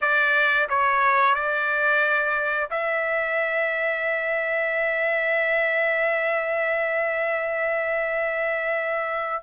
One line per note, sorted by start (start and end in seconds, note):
0.01 0.68 D5
0.69 1.35 C#5
1.35 2.69 D5
2.70 9.43 E5